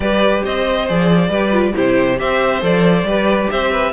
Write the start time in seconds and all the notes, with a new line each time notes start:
0.00 G3 G4 B4 D5
0.44 C4 C5 D#5
0.88 F3 G#4 D5
1.29 G3 G4 B4
1.51 F4
1.73 C3 E4 G4 C5
2.18 C4 G4 C5 E5
2.61 F3 A4 D5
3.03 G3 G4 B4
3.50 C4 C5 E5
3.71 B4